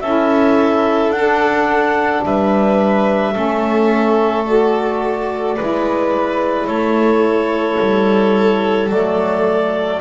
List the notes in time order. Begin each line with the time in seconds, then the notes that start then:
0.00 C#4 E4 A4 E5
1.09 D4 F#5
2.25 G3 B4 E5
3.33 A3 C#4 A4
4.46 F#4 D5
5.56 G#3 E4 B4
6.67 A3 A4 C#5
7.80 G3
8.88 F#3 A3 D5